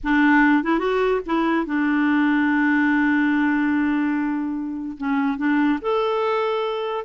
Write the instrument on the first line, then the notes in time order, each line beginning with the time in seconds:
clarinet
0.03 D4
0.63 E4
0.79 F#4
1.26 E4
1.66 D4
4.97 C#4
5.37 D4
5.81 A4